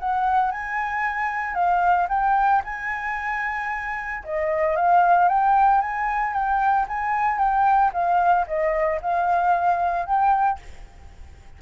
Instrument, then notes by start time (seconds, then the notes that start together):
flute
0.00 F#5
0.51 G#5
1.54 F5
2.09 G5
2.65 G#5
4.24 D#5
4.76 F5
5.29 G5
5.82 G#5
6.33 G5
6.88 G#5
7.39 G5
7.93 F5
8.47 D#5
9.02 F5
10.06 G5